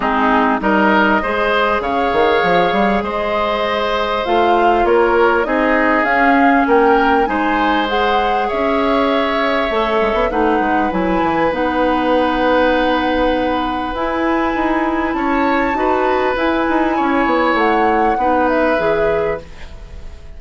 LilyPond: <<
  \new Staff \with { instrumentName = "flute" } { \time 4/4 \tempo 4 = 99 gis'4 dis''2 f''4~ | f''4 dis''2 f''4 | cis''4 dis''4 f''4 g''4 | gis''4 fis''4 e''2~ |
e''4 fis''4 gis''4 fis''4~ | fis''2. gis''4~ | gis''4 a''2 gis''4~ | gis''4 fis''4. e''4. | }
  \new Staff \with { instrumentName = "oboe" } { \time 4/4 dis'4 ais'4 c''4 cis''4~ | cis''4 c''2. | ais'4 gis'2 ais'4 | c''2 cis''2~ |
cis''4 b'2.~ | b'1~ | b'4 cis''4 b'2 | cis''2 b'2 | }
  \new Staff \with { instrumentName = "clarinet" } { \time 4/4 c'4 dis'4 gis'2~ | gis'2. f'4~ | f'4 dis'4 cis'2 | dis'4 gis'2. |
a'4 dis'4 e'4 dis'4~ | dis'2. e'4~ | e'2 fis'4 e'4~ | e'2 dis'4 gis'4 | }
  \new Staff \with { instrumentName = "bassoon" } { \time 4/4 gis4 g4 gis4 cis8 dis8 | f8 g8 gis2 a4 | ais4 c'4 cis'4 ais4 | gis2 cis'2 |
a8 gis16 b16 a8 gis8 fis8 e8 b4~ | b2. e'4 | dis'4 cis'4 dis'4 e'8 dis'8 | cis'8 b8 a4 b4 e4 | }
>>